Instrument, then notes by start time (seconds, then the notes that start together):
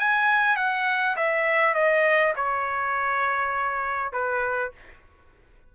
trumpet
0.00 G#5
0.57 F#5
1.16 E5
1.75 D#5
2.36 C#5
4.13 B4